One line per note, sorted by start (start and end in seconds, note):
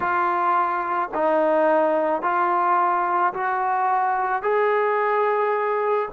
0.00 1.09 F4
1.14 2.22 D#4
2.22 3.33 F4
3.33 4.42 F#4
4.42 6.09 G#4